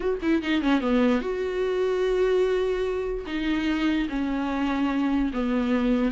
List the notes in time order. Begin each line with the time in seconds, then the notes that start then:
0.00 F#4
0.22 E4
0.42 D#4
0.62 C#4
0.80 B3
1.21 F#4
3.26 D#4
4.09 C#4
5.33 B3